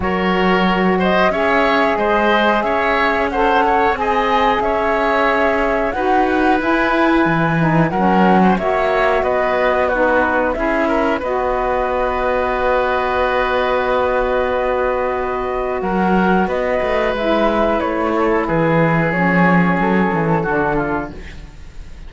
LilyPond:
<<
  \new Staff \with { instrumentName = "flute" } { \time 4/4 \tempo 4 = 91 cis''4. dis''8 e''4 dis''4 | e''4 fis''4 gis''4 e''4~ | e''4 fis''4 gis''2 | fis''4 e''4 dis''4 b'4 |
e''4 dis''2.~ | dis''1 | fis''4 dis''4 e''4 cis''4 | b'4 cis''4 a'2 | }
  \new Staff \with { instrumentName = "oboe" } { \time 4/4 ais'4. c''8 cis''4 c''4 | cis''4 c''8 cis''8 dis''4 cis''4~ | cis''4 b'2. | ais'8. c''16 cis''4 b'4 fis'4 |
gis'8 ais'8 b'2.~ | b'1 | ais'4 b'2~ b'8 a'8 | gis'2. fis'8 f'8 | }
  \new Staff \with { instrumentName = "saxophone" } { \time 4/4 fis'2 gis'2~ | gis'4 a'4 gis'2~ | gis'4 fis'4 e'4. dis'8 | cis'4 fis'2 dis'4 |
e'4 fis'2.~ | fis'1~ | fis'2 e'2~ | e'4 cis'2 d'4 | }
  \new Staff \with { instrumentName = "cello" } { \time 4/4 fis2 cis'4 gis4 | cis'2 c'4 cis'4~ | cis'4 dis'4 e'4 e4 | fis4 ais4 b2 |
cis'4 b2.~ | b1 | fis4 b8 a8 gis4 a4 | e4 f4 fis8 e8 d4 | }
>>